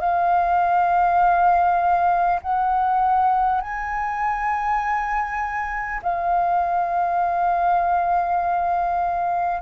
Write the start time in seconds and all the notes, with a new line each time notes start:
0.00 F5
2.42 F#5
3.62 G#5
6.03 F5